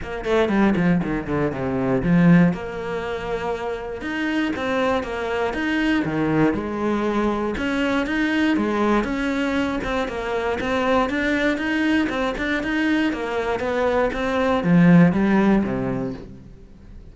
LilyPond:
\new Staff \with { instrumentName = "cello" } { \time 4/4 \tempo 4 = 119 ais8 a8 g8 f8 dis8 d8 c4 | f4 ais2. | dis'4 c'4 ais4 dis'4 | dis4 gis2 cis'4 |
dis'4 gis4 cis'4. c'8 | ais4 c'4 d'4 dis'4 | c'8 d'8 dis'4 ais4 b4 | c'4 f4 g4 c4 | }